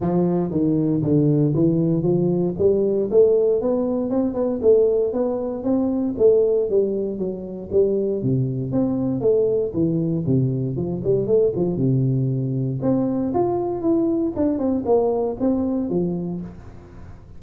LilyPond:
\new Staff \with { instrumentName = "tuba" } { \time 4/4 \tempo 4 = 117 f4 dis4 d4 e4 | f4 g4 a4 b4 | c'8 b8 a4 b4 c'4 | a4 g4 fis4 g4 |
c4 c'4 a4 e4 | c4 f8 g8 a8 f8 c4~ | c4 c'4 f'4 e'4 | d'8 c'8 ais4 c'4 f4 | }